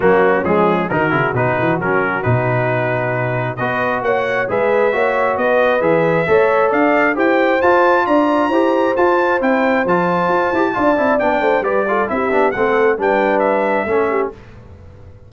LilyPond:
<<
  \new Staff \with { instrumentName = "trumpet" } { \time 4/4 \tempo 4 = 134 fis'4 gis'4 ais'4 b'4 | ais'4 b'2. | dis''4 fis''4 e''2 | dis''4 e''2 f''4 |
g''4 a''4 ais''2 | a''4 g''4 a''2~ | a''4 g''4 d''4 e''4 | fis''4 g''4 e''2 | }
  \new Staff \with { instrumentName = "horn" } { \time 4/4 cis'2 fis'2~ | fis'1 | b'4 cis''4 b'4 cis''4 | b'2 cis''4 d''4 |
c''2 d''4 c''4~ | c''1 | d''4. c''8 b'8 a'8 g'4 | a'4 b'2 a'8 g'8 | }
  \new Staff \with { instrumentName = "trombone" } { \time 4/4 ais4 gis4 dis'8 e'8 dis'4 | cis'4 dis'2. | fis'2 gis'4 fis'4~ | fis'4 gis'4 a'2 |
g'4 f'2 g'4 | f'4 e'4 f'4. g'8 | f'8 e'8 d'4 g'8 f'8 e'8 d'8 | c'4 d'2 cis'4 | }
  \new Staff \with { instrumentName = "tuba" } { \time 4/4 fis4 f4 dis8 cis8 b,8 e8 | fis4 b,2. | b4 ais4 gis4 ais4 | b4 e4 a4 d'4 |
e'4 f'4 d'4 e'4 | f'4 c'4 f4 f'8 e'8 | d'8 c'8 b8 a8 g4 c'8 b8 | a4 g2 a4 | }
>>